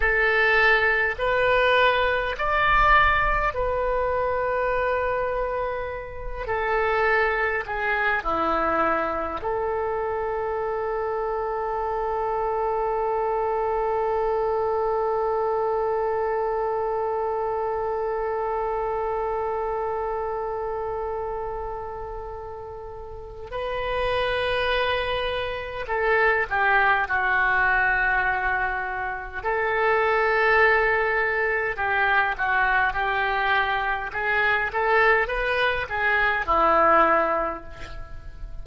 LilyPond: \new Staff \with { instrumentName = "oboe" } { \time 4/4 \tempo 4 = 51 a'4 b'4 d''4 b'4~ | b'4. a'4 gis'8 e'4 | a'1~ | a'1~ |
a'1 | b'2 a'8 g'8 fis'4~ | fis'4 a'2 g'8 fis'8 | g'4 gis'8 a'8 b'8 gis'8 e'4 | }